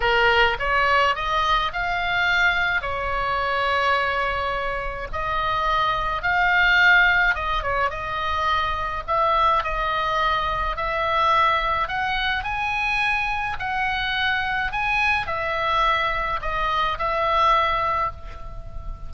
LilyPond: \new Staff \with { instrumentName = "oboe" } { \time 4/4 \tempo 4 = 106 ais'4 cis''4 dis''4 f''4~ | f''4 cis''2.~ | cis''4 dis''2 f''4~ | f''4 dis''8 cis''8 dis''2 |
e''4 dis''2 e''4~ | e''4 fis''4 gis''2 | fis''2 gis''4 e''4~ | e''4 dis''4 e''2 | }